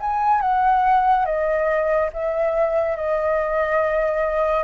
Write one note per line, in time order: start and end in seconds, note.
0.00 0.41 G#5
0.41 1.25 F#5
1.25 2.10 D#5
2.13 2.96 E5
2.96 4.64 D#5